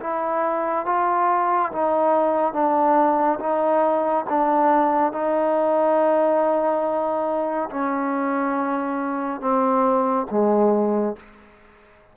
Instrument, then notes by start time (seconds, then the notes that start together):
trombone
0.00 E4
0.86 F4
1.72 D#4
2.53 D4
3.39 D#4
4.29 D4
5.12 D#4
7.70 C#4
9.41 C4
10.31 G#3